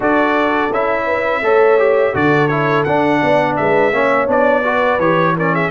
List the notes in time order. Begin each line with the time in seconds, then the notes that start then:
0.00 D4 F#4 A4 D5
0.70 C#4 E4 E5
1.05 B4
1.41 A3 A4 C#5
1.78 G4
2.13 D3 F#4 A4 D5
2.47 E4 C#5
2.83 D4 F#5
3.21 B3 D5
3.56 G#3 B4 E5
3.92 A#3 C#4 C#5
4.27 B3 D4 D5
4.62 F#4 B4
4.98 E3 G4 C#5
5.36 C#4 A#4 D5
5.53 G#4 E5